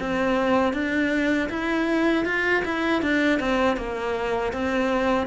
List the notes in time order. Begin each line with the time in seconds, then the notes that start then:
0.00 C4
0.74 D4
1.50 E4
2.25 F4
2.65 E4
3.02 D4
3.40 C4
3.77 A#3
4.53 C4